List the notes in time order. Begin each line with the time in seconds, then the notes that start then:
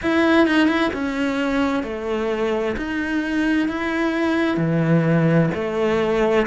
0.02 E4
0.47 D#4
0.67 E4
0.93 C#4
1.83 A3
2.77 D#4
3.68 E4
4.57 E3
5.54 A3